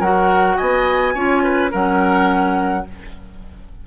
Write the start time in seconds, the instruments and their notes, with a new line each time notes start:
0.00 bassoon F#3, clarinet F#4, oboe A#4, flute F#5
0.57 bassoon B3, oboe D#5, flute G#5
1.15 bassoon C#4, clarinet F4, oboe C#5
1.44 oboe B4
1.71 bassoon F#3, clarinet C#4, oboe A#4, flute F#5